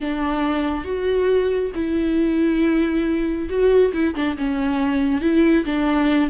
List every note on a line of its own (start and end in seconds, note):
0.00 0.84 D4
0.84 1.71 F#4
1.75 3.48 E4
3.49 3.92 F#4
3.93 4.14 E4
4.15 4.37 D4
4.37 5.21 C#4
5.21 5.64 E4
5.65 6.30 D4